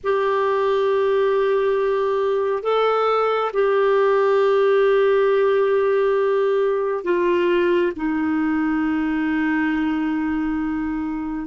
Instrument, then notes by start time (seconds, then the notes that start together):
clarinet
0.03 G4
2.62 A4
3.53 G4
7.03 F4
7.96 D#4